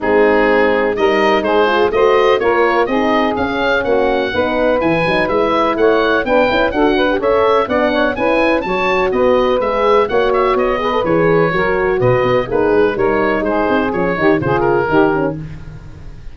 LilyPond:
<<
  \new Staff \with { instrumentName = "oboe" } { \time 4/4 \tempo 4 = 125 gis'2 dis''4 c''4 | dis''4 cis''4 dis''4 f''4 | fis''2 gis''4 e''4 | fis''4 g''4 fis''4 e''4 |
fis''4 gis''4 a''4 dis''4 | e''4 fis''8 e''8 dis''4 cis''4~ | cis''4 dis''4 b'4 cis''4 | c''4 cis''4 c''8 ais'4. | }
  \new Staff \with { instrumentName = "saxophone" } { \time 4/4 dis'2 ais'4 gis'4 | c''4 ais'4 gis'2 | fis'4 b'2. | cis''4 b'4 a'8 b'8 cis''4 |
d''8 cis''8 b'4 cis''4 b'4~ | b'4 cis''4. b'4. | ais'4 b'4 dis'4 ais'4 | gis'4. g'8 gis'4 g'4 | }
  \new Staff \with { instrumentName = "horn" } { \time 4/4 c'2 dis'4. f'8 | fis'4 f'4 dis'4 cis'4~ | cis'4 dis'4 e'8 dis'8 e'4~ | e'4 d'8 e'8 fis'8. g'16 a'4 |
d'4 e'4 fis'2 | gis'4 fis'4. gis'16 a'16 gis'4 | fis'2 gis'4 dis'4~ | dis'4 cis'8 dis'8 f'4 dis'8 cis'8 | }
  \new Staff \with { instrumentName = "tuba" } { \time 4/4 gis2 g4 gis4 | a4 ais4 c'4 cis'4 | ais4 b4 e8 fis8 gis4 | a4 b8 cis'8 d'4 cis'4 |
b4 cis'4 fis4 b4 | gis4 ais4 b4 e4 | fis4 b,8 b8 ais8 gis8 g4 | gis8 c'8 f8 dis8 cis4 dis4 | }
>>